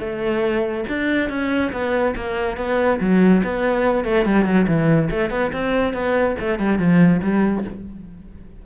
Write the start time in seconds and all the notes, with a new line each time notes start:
0.00 A3
0.89 D4
1.29 C#4
1.72 B3
2.16 A#3
2.57 B3
3.01 F#3
3.44 B3
4.04 A3
4.25 G3
4.45 F#3
4.67 E3
5.10 A3
5.30 B3
5.53 C4
5.94 B3
6.40 A3
6.59 G3
6.79 F3
7.22 G3